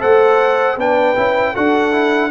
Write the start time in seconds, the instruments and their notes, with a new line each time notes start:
0.00 tuba A3, trombone A4, horn C5, trumpet F#5
0.77 tuba B3, trombone D4, horn B4, trumpet G5
1.16 tuba C#4, trombone E4
1.53 tuba D4, trombone F#4, horn A4, trumpet F#5
1.92 trombone E4